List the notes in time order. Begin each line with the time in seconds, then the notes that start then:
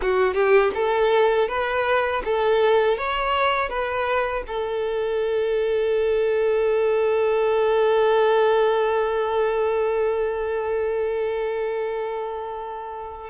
0.01 F#4
0.34 G4
0.74 A4
1.48 B4
2.24 A4
2.97 C#5
3.69 B4
4.47 A4